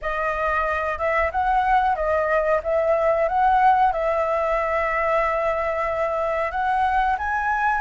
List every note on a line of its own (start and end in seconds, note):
0.01 0.98 D#5
0.98 1.30 E5
1.31 1.95 F#5
1.95 2.61 D#5
2.63 3.28 E5
3.28 3.92 F#5
3.92 6.51 E5
6.51 7.16 F#5
7.17 7.81 G#5